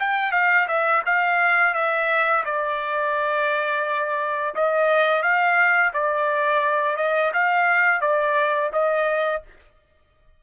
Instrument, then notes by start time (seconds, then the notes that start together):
trumpet
0.00 G5
0.32 F5
0.68 E5
1.06 F5
1.74 E5
2.45 D5
4.55 D#5
5.23 F5
5.93 D5
6.97 D#5
7.34 F5
8.01 D5
8.73 D#5